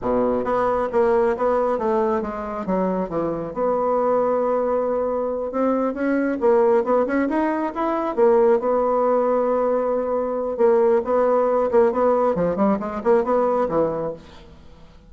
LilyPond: \new Staff \with { instrumentName = "bassoon" } { \time 4/4 \tempo 4 = 136 b,4 b4 ais4 b4 | a4 gis4 fis4 e4 | b1~ | b8 c'4 cis'4 ais4 b8 |
cis'8 dis'4 e'4 ais4 b8~ | b1 | ais4 b4. ais8 b4 | f8 g8 gis8 ais8 b4 e4 | }